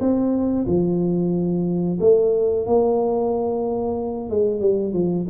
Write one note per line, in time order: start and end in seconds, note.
0.00 0.66 C4
0.67 1.98 F3
2.00 2.66 A3
2.66 4.29 A#3
4.29 4.60 G#3
4.60 4.93 G3
4.93 5.26 F3